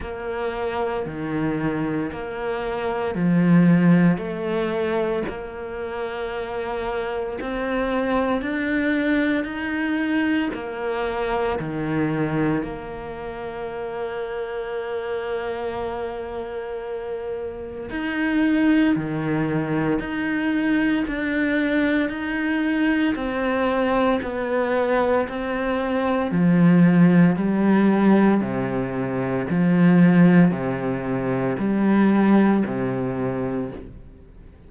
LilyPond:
\new Staff \with { instrumentName = "cello" } { \time 4/4 \tempo 4 = 57 ais4 dis4 ais4 f4 | a4 ais2 c'4 | d'4 dis'4 ais4 dis4 | ais1~ |
ais4 dis'4 dis4 dis'4 | d'4 dis'4 c'4 b4 | c'4 f4 g4 c4 | f4 c4 g4 c4 | }